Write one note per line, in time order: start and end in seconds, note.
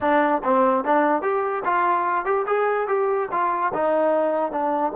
0.00 0.41 D4
0.43 0.84 C4
0.84 1.22 D4
1.22 1.63 G4
1.64 2.25 F4
2.25 2.45 G4
2.46 2.87 G#4
2.87 3.28 G4
3.31 3.72 F4
3.73 4.51 D#4
4.51 4.92 D4